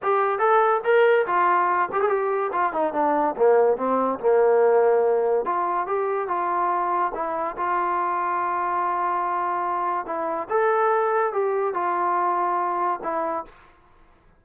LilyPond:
\new Staff \with { instrumentName = "trombone" } { \time 4/4 \tempo 4 = 143 g'4 a'4 ais'4 f'4~ | f'8 g'16 gis'16 g'4 f'8 dis'8 d'4 | ais4 c'4 ais2~ | ais4 f'4 g'4 f'4~ |
f'4 e'4 f'2~ | f'1 | e'4 a'2 g'4 | f'2. e'4 | }